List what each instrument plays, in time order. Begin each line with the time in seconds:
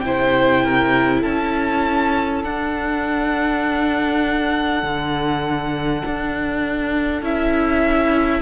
0.00 cello C3, viola E4, violin C5 G5
0.64 violin A#4
1.21 cello C#4, violin A4 A5
2.43 cello D4, viola D4, violin F#5
4.82 cello D3
6.04 cello D4
7.21 cello C#4, viola E4, violin E5